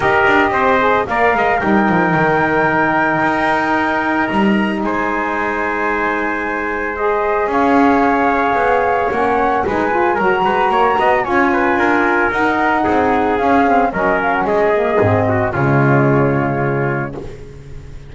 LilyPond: <<
  \new Staff \with { instrumentName = "flute" } { \time 4/4 \tempo 4 = 112 dis''2 f''4 g''4~ | g''1 | ais''4 gis''2.~ | gis''4 dis''4 f''2~ |
f''4 fis''4 gis''4 ais''4~ | ais''4 gis''2 fis''4~ | fis''4 f''4 dis''8 f''16 fis''16 dis''4~ | dis''4 cis''2. | }
  \new Staff \with { instrumentName = "trumpet" } { \time 4/4 ais'4 c''4 d''8 dis''8 ais'4~ | ais'1~ | ais'4 c''2.~ | c''2 cis''2~ |
cis''2 b'4 ais'8 b'8 | cis''8 dis''8 cis''8 b'8 ais'2 | gis'2 ais'4 gis'4~ | gis'8 fis'8 f'2. | }
  \new Staff \with { instrumentName = "saxophone" } { \time 4/4 g'4. gis'8 ais'4 dis'4~ | dis'1~ | dis'1~ | dis'4 gis'2.~ |
gis'4 cis'4 dis'8 f'8 fis'4~ | fis'4 f'2 dis'4~ | dis'4 cis'8 c'8 cis'4. ais8 | c'4 gis2. | }
  \new Staff \with { instrumentName = "double bass" } { \time 4/4 dis'8 d'8 c'4 ais8 gis8 g8 f8 | dis2 dis'2 | g4 gis2.~ | gis2 cis'2 |
b4 ais4 gis4 fis8 gis8 | ais8 b8 cis'4 d'4 dis'4 | c'4 cis'4 fis4 gis4 | gis,4 cis2. | }
>>